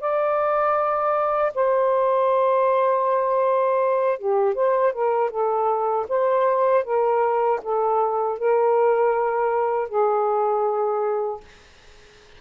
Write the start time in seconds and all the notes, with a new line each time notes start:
0.00 D5
1.54 C5
4.18 G4
4.54 C5
4.93 A#4
5.30 A4
6.09 C5
6.84 A#4
7.62 A4
8.38 A#4
9.88 G#4